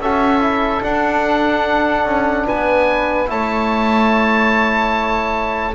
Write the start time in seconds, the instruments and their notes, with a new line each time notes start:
0.00 double bass C#4, trombone F#4, flute A4, oboe E5
0.41 trombone E4
0.81 trombone D4, double bass D4, oboe F#5
2.05 double bass C#4
2.46 double bass B3, flute B4, oboe G#5
3.27 double bass A3, trombone E4, flute C#5, oboe A5